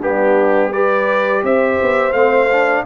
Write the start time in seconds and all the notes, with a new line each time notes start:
0.00 G3 B3 D4 G4
0.71 G4 B4 D5
1.43 C4 C5 E5
1.81 B3
2.12 A3 C4 F5
2.52 D4